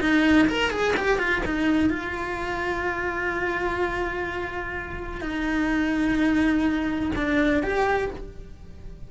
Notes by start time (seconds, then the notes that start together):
0.00 D#4
0.48 A#4
0.71 G#4
0.96 G4
1.18 F4
1.45 D#4
1.90 F4
5.21 D#4
7.16 D4
7.63 G4